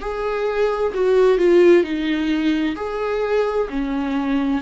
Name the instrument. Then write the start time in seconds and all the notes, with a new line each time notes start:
viola
0.00 G#4
0.94 F#4
1.38 F4
1.83 D#4
2.75 G#4
3.69 C#4